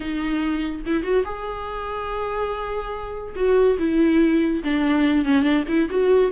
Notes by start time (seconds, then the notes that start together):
0.00 D#4
0.86 E4
1.03 F#4
1.25 G#4
3.35 F#4
3.79 E4
4.64 D4
5.25 C#4
5.42 D4
5.68 E4
5.90 F#4